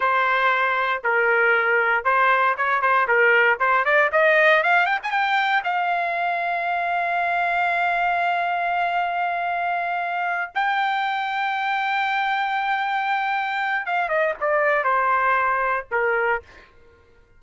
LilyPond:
\new Staff \with { instrumentName = "trumpet" } { \time 4/4 \tempo 4 = 117 c''2 ais'2 | c''4 cis''8 c''8 ais'4 c''8 d''8 | dis''4 f''8 g''16 gis''16 g''4 f''4~ | f''1~ |
f''1~ | f''8 g''2.~ g''8~ | g''2. f''8 dis''8 | d''4 c''2 ais'4 | }